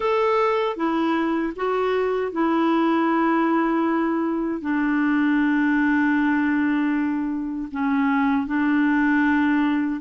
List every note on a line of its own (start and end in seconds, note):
0.00 0.76 A4
0.76 1.53 E4
1.56 2.31 F#4
2.31 4.61 E4
4.61 7.69 D4
7.71 8.47 C#4
8.47 10.00 D4